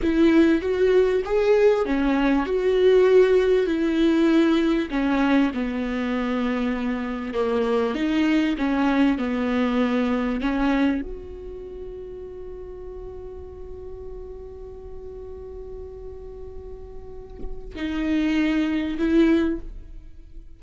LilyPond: \new Staff \with { instrumentName = "viola" } { \time 4/4 \tempo 4 = 98 e'4 fis'4 gis'4 cis'4 | fis'2 e'2 | cis'4 b2. | ais4 dis'4 cis'4 b4~ |
b4 cis'4 fis'2~ | fis'1~ | fis'1~ | fis'4 dis'2 e'4 | }